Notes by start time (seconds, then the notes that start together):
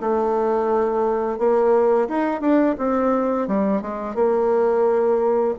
0.00 A3
1.38 A#3
2.08 D#4
2.40 D4
2.77 C4
3.47 G3
3.81 G#3
4.14 A#3